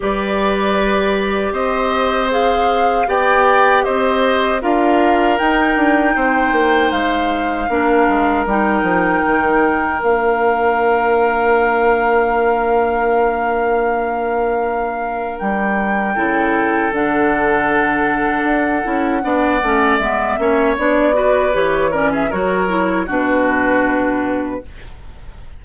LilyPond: <<
  \new Staff \with { instrumentName = "flute" } { \time 4/4 \tempo 4 = 78 d''2 dis''4 f''4 | g''4 dis''4 f''4 g''4~ | g''4 f''2 g''4~ | g''4 f''2.~ |
f''1 | g''2 fis''2~ | fis''2 e''4 d''4 | cis''8 d''16 e''16 cis''4 b'2 | }
  \new Staff \with { instrumentName = "oboe" } { \time 4/4 b'2 c''2 | d''4 c''4 ais'2 | c''2 ais'2~ | ais'1~ |
ais'1~ | ais'4 a'2.~ | a'4 d''4. cis''4 b'8~ | b'8 ais'16 gis'16 ais'4 fis'2 | }
  \new Staff \with { instrumentName = "clarinet" } { \time 4/4 g'2. gis'4 | g'2 f'4 dis'4~ | dis'2 d'4 dis'4~ | dis'4 d'2.~ |
d'1~ | d'4 e'4 d'2~ | d'8 e'8 d'8 cis'8 b8 cis'8 d'8 fis'8 | g'8 cis'8 fis'8 e'8 d'2 | }
  \new Staff \with { instrumentName = "bassoon" } { \time 4/4 g2 c'2 | b4 c'4 d'4 dis'8 d'8 | c'8 ais8 gis4 ais8 gis8 g8 f8 | dis4 ais2.~ |
ais1 | g4 cis4 d2 | d'8 cis'8 b8 a8 gis8 ais8 b4 | e4 fis4 b,2 | }
>>